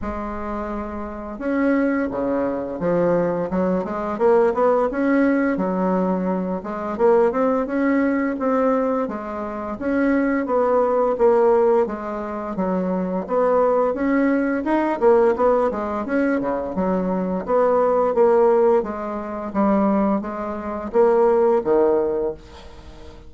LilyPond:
\new Staff \with { instrumentName = "bassoon" } { \time 4/4 \tempo 4 = 86 gis2 cis'4 cis4 | f4 fis8 gis8 ais8 b8 cis'4 | fis4. gis8 ais8 c'8 cis'4 | c'4 gis4 cis'4 b4 |
ais4 gis4 fis4 b4 | cis'4 dis'8 ais8 b8 gis8 cis'8 cis8 | fis4 b4 ais4 gis4 | g4 gis4 ais4 dis4 | }